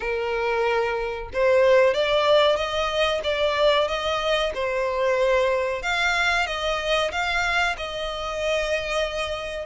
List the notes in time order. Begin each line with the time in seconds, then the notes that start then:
0.00 A#4
1.33 C5
1.94 D5
2.56 D#5
3.23 D5
3.87 D#5
4.54 C5
5.82 F5
6.46 D#5
7.11 F5
7.77 D#5